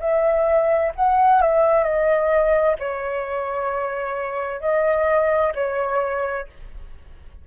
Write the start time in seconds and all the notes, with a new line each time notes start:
0.00 E5
0.96 F#5
1.41 E5
1.84 D#5
2.79 C#5
4.61 D#5
5.55 C#5